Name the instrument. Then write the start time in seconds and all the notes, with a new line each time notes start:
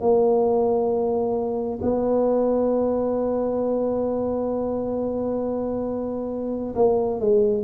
tuba
0.00 A#3
1.82 B3
6.75 A#3
7.20 G#3